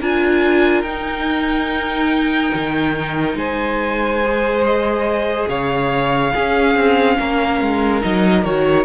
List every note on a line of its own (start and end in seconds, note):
0.00 0.82 D4
0.00 0.85 F4
0.00 3.37 A#4
0.00 0.82 G#5
0.82 2.51 D#4
0.82 4.23 D#4
0.82 3.35 G5
2.53 3.35 D#3
3.35 5.46 G#3
3.35 5.49 C5
3.35 4.64 G#5
4.24 6.34 G#4
4.65 5.49 D#5
5.48 6.32 C#3
5.48 6.33 C#5
5.48 8.02 F5
6.33 8.01 C#4
6.33 6.75 C#4
6.33 7.18 G#4
6.75 7.17 C4
7.18 7.61 A#3
7.18 8.85 A#4
7.61 8.03 G#3
8.01 8.45 F#3
8.01 8.43 D#4
8.01 8.44 D#5
8.44 8.85 D#3
8.44 8.85 F#4
8.44 8.85 C#5